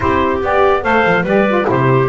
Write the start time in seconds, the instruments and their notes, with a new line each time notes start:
0.00 double bass C4, saxophone E4, clarinet G4, trumpet C5
0.42 double bass B3, saxophone G4, trumpet D5
0.82 double bass A3, saxophone A4, clarinet C5, trumpet F5
1.06 double bass F3
1.23 double bass G3, saxophone G4, clarinet B4, trumpet D5
1.48 saxophone F4
1.63 double bass C3, saxophone E4
1.70 clarinet G4, trumpet C5